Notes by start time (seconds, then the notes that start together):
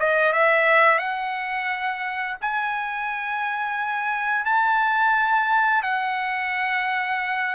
0.00 D#5
0.33 E5
0.98 F#5
2.42 G#5
4.45 A5
5.83 F#5